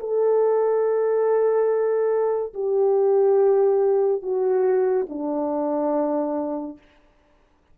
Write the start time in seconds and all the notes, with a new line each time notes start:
0.00 A4
2.54 G4
4.22 F#4
5.09 D4